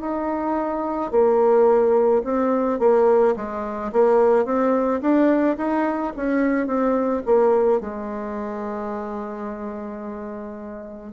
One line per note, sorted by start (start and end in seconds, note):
0.00 1.11 D#4
1.11 2.22 A#3
2.24 2.79 C4
2.79 3.35 A#3
3.36 3.91 G#3
3.92 4.45 A#3
4.45 5.01 C4
5.01 5.57 D4
5.58 6.13 D#4
6.16 6.67 C#4
6.67 7.22 C4
7.26 7.80 A#3
7.80 11.13 G#3